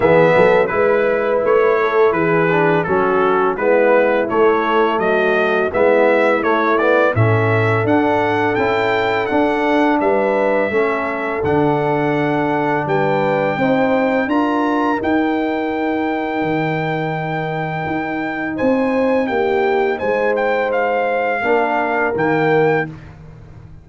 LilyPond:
<<
  \new Staff \with { instrumentName = "trumpet" } { \time 4/4 \tempo 4 = 84 e''4 b'4 cis''4 b'4 | a'4 b'4 cis''4 dis''4 | e''4 cis''8 d''8 e''4 fis''4 | g''4 fis''4 e''2 |
fis''2 g''2 | ais''4 g''2.~ | g''2 gis''4 g''4 | gis''8 g''8 f''2 g''4 | }
  \new Staff \with { instrumentName = "horn" } { \time 4/4 gis'8 a'8 b'4. a'8 gis'4 | fis'4 e'2 fis'4 | e'2 a'2~ | a'2 b'4 a'4~ |
a'2 b'4 c''4 | ais'1~ | ais'2 c''4 g'4 | c''2 ais'2 | }
  \new Staff \with { instrumentName = "trombone" } { \time 4/4 b4 e'2~ e'8 d'8 | cis'4 b4 a2 | b4 a8 b8 cis'4 d'4 | e'4 d'2 cis'4 |
d'2. dis'4 | f'4 dis'2.~ | dis'1~ | dis'2 d'4 ais4 | }
  \new Staff \with { instrumentName = "tuba" } { \time 4/4 e8 fis8 gis4 a4 e4 | fis4 gis4 a4 fis4 | gis4 a4 a,4 d'4 | cis'4 d'4 g4 a4 |
d2 g4 c'4 | d'4 dis'2 dis4~ | dis4 dis'4 c'4 ais4 | gis2 ais4 dis4 | }
>>